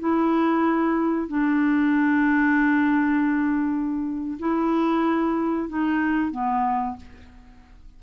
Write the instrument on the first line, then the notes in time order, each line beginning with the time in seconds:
clarinet
0.00 E4
1.28 D4
4.39 E4
5.69 D#4
6.31 B3